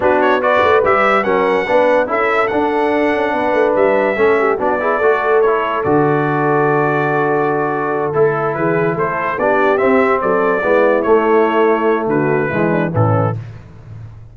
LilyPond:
<<
  \new Staff \with { instrumentName = "trumpet" } { \time 4/4 \tempo 4 = 144 b'8 cis''8 d''4 e''4 fis''4~ | fis''4 e''4 fis''2~ | fis''4 e''2 d''4~ | d''4 cis''4 d''2~ |
d''2.~ d''8 a'8~ | a'8 b'4 c''4 d''4 e''8~ | e''8 d''2 cis''4.~ | cis''4 b'2 a'4 | }
  \new Staff \with { instrumentName = "horn" } { \time 4/4 fis'4 b'2 ais'4 | b'4 a'2. | b'2 a'8 g'8 fis'8 gis'8 | a'1~ |
a'1~ | a'8 gis'4 a'4 g'4.~ | g'8 a'4 e'2~ e'8~ | e'4 fis'4 e'8 d'8 cis'4 | }
  \new Staff \with { instrumentName = "trombone" } { \time 4/4 d'4 fis'4 g'4 cis'4 | d'4 e'4 d'2~ | d'2 cis'4 d'8 e'8 | fis'4 e'4 fis'2~ |
fis'2.~ fis'8 e'8~ | e'2~ e'8 d'4 c'8~ | c'4. b4 a4.~ | a2 gis4 e4 | }
  \new Staff \with { instrumentName = "tuba" } { \time 4/4 b4. a8 g4 fis4 | b4 cis'4 d'4. cis'8 | b8 a8 g4 a4 b4 | a2 d2~ |
d2.~ d8 a8~ | a8 e4 a4 b4 c'8~ | c'8 fis4 gis4 a4.~ | a4 d4 e4 a,4 | }
>>